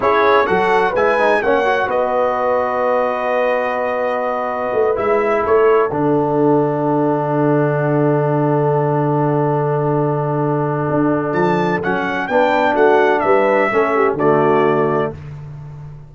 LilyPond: <<
  \new Staff \with { instrumentName = "trumpet" } { \time 4/4 \tempo 4 = 127 cis''4 fis''4 gis''4 fis''4 | dis''1~ | dis''2~ dis''8 e''4 cis''8~ | cis''8 fis''2.~ fis''8~ |
fis''1~ | fis''1 | a''4 fis''4 g''4 fis''4 | e''2 d''2 | }
  \new Staff \with { instrumentName = "horn" } { \time 4/4 gis'4 a'4 b'4 cis''4 | b'1~ | b'2.~ b'8 a'8~ | a'1~ |
a'1~ | a'1~ | a'2 b'4 fis'4 | b'4 a'8 g'8 fis'2 | }
  \new Staff \with { instrumentName = "trombone" } { \time 4/4 e'4 fis'4 e'8 dis'8 cis'8 fis'8~ | fis'1~ | fis'2~ fis'8 e'4.~ | e'8 d'2.~ d'8~ |
d'1~ | d'1~ | d'4 cis'4 d'2~ | d'4 cis'4 a2 | }
  \new Staff \with { instrumentName = "tuba" } { \time 4/4 cis'4 fis4 gis4 ais4 | b1~ | b2 a8 gis4 a8~ | a8 d2.~ d8~ |
d1~ | d2. d'4 | f4 fis4 b4 a4 | g4 a4 d2 | }
>>